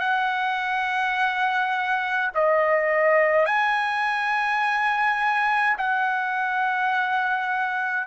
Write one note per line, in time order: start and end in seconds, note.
0.00 2.31 F#5
2.34 3.46 D#5
3.46 5.76 G#5
5.77 8.07 F#5